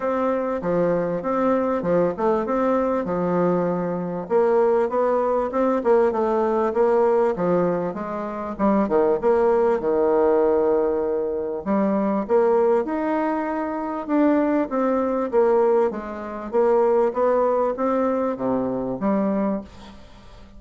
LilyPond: \new Staff \with { instrumentName = "bassoon" } { \time 4/4 \tempo 4 = 98 c'4 f4 c'4 f8 a8 | c'4 f2 ais4 | b4 c'8 ais8 a4 ais4 | f4 gis4 g8 dis8 ais4 |
dis2. g4 | ais4 dis'2 d'4 | c'4 ais4 gis4 ais4 | b4 c'4 c4 g4 | }